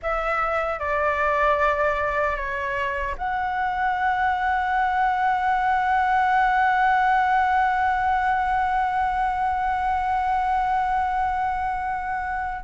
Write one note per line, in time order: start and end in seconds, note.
0.02 0.79 E5
0.79 2.36 D5
2.36 3.15 C#5
3.17 12.64 F#5